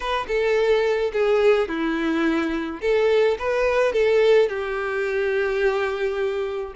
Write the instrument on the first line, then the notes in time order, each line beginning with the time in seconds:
violin
0.00 B4
0.27 A4
1.12 G#4
1.68 E4
2.81 A4
3.38 B4
3.92 A4
4.48 G4